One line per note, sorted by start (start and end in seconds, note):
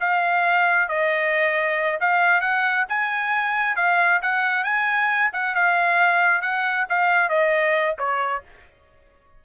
0.00 0.88 F5
0.88 2.00 D#5
2.00 2.41 F5
2.41 2.85 F#5
2.89 3.76 G#5
3.76 4.21 F5
4.22 4.64 F#5
4.64 5.31 G#5
5.33 5.55 F#5
5.55 6.42 F5
6.42 6.86 F#5
6.89 7.29 F5
7.29 7.96 D#5
7.98 8.43 C#5